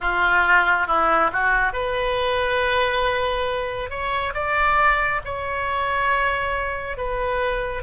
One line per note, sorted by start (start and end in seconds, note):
0.00 0.87 F4
0.87 1.30 E4
1.32 1.72 F#4
1.72 3.89 B4
3.89 4.33 C#5
4.34 5.21 D5
5.25 6.97 C#5
6.97 7.83 B4